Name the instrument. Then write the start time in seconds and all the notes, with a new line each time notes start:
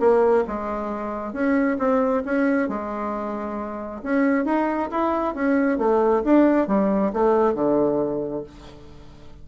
bassoon
0.00 A#3
0.48 G#3
1.33 C#4
1.79 C4
2.25 C#4
2.69 G#3
4.03 C#4
4.45 D#4
4.91 E4
5.35 C#4
5.78 A3
6.24 D4
6.68 G3
7.13 A3
7.55 D3